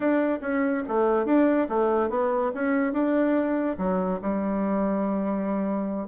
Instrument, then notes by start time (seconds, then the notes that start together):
bassoon
0.00 D4
0.41 C#4
0.88 A3
1.25 D4
1.68 A3
2.09 B3
2.54 C#4
2.92 D4
3.77 F#3
4.21 G3